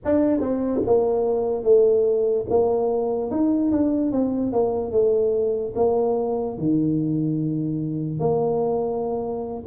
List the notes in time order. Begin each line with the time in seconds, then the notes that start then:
0.04 D4
0.40 C4
0.86 A#3
1.63 A3
2.49 A#3
3.31 D#4
3.71 D4
4.11 C4
4.52 A#3
4.91 A3
5.75 A#3
6.58 D#3
8.19 A#3